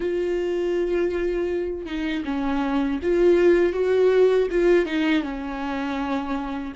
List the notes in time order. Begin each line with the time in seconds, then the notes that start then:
0.00 F4
1.86 D#4
2.25 C#4
3.02 F4
3.73 F#4
4.50 F4
4.85 D#4
5.23 C#4